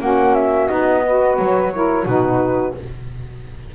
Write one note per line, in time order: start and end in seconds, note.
0.00 0.69 A#3
0.00 0.68 C#4
0.00 1.04 F#4
0.00 0.34 F#5
0.34 0.67 E5
0.67 1.38 B3
0.67 1.03 D#4
0.67 1.36 D#5
1.04 1.73 F#4
1.04 1.73 B4
1.37 2.05 F#3
1.37 2.05 C#5
1.73 2.05 E4
1.73 2.05 A#4
2.05 2.74 B2
2.05 2.74 D#4
2.05 2.74 F#4
2.05 2.74 B4